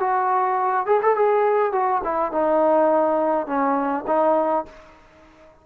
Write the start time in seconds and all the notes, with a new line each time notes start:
0.00 F#4
0.87 G#4
1.02 A4
1.16 G#4
1.72 F#4
2.04 E4
2.32 D#4
3.47 C#4
4.07 D#4